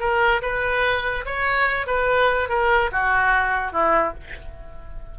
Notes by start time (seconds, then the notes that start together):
0.00 A#4
0.42 B4
1.26 C#5
1.87 B4
2.49 A#4
2.92 F#4
3.72 E4